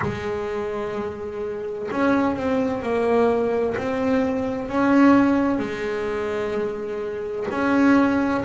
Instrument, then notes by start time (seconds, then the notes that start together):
double bass
0.01 G#3
1.90 C#4
2.36 C4
2.82 A#3
3.77 C4
4.68 C#4
5.58 G#3
7.50 C#4